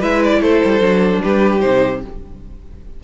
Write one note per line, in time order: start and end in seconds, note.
0.00 0.42 G#3
0.00 0.82 E4
0.00 0.40 B4
0.00 0.23 E5
0.24 0.43 D5
0.42 0.62 A3
0.42 1.23 A4
0.42 1.23 C5
0.65 0.81 G3
0.81 1.21 F#3
0.81 1.61 D4
1.23 1.64 G3
1.23 2.04 G4
1.23 1.61 B4
1.61 2.04 C3
1.61 2.01 D#4
1.61 2.01 C5